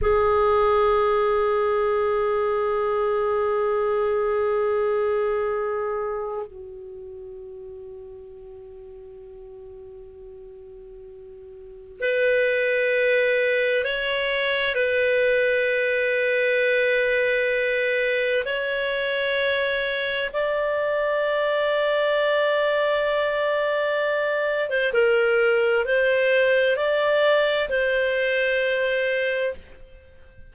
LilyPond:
\new Staff \with { instrumentName = "clarinet" } { \time 4/4 \tempo 4 = 65 gis'1~ | gis'2. fis'4~ | fis'1~ | fis'4 b'2 cis''4 |
b'1 | cis''2 d''2~ | d''2~ d''8. c''16 ais'4 | c''4 d''4 c''2 | }